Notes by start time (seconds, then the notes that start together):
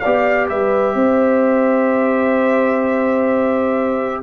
0.00 G4 D5 F5
0.06 B3
0.49 G3 B4 E5
0.95 C4 C5